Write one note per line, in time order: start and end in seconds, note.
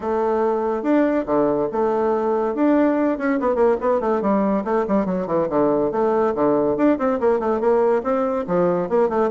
0.00 0.82 A3
0.82 1.24 D4
1.26 1.68 D3
1.72 2.55 A3
2.55 3.18 D4
3.18 3.39 C#4
3.40 3.55 B3
3.55 3.76 A#3
3.80 4.00 B3
4.00 4.21 A3
4.21 4.64 G3
4.64 4.85 A3
4.87 5.05 G3
5.05 5.26 F#3
5.26 5.48 E3
5.49 5.91 D3
5.91 6.34 A3
6.35 6.76 D3
6.76 6.98 D4
6.98 7.19 C4
7.19 7.39 A#3
7.39 7.60 A3
7.60 8.02 A#3
8.03 8.45 C4
8.47 8.89 F3
8.89 9.09 A#3
9.09 9.30 A3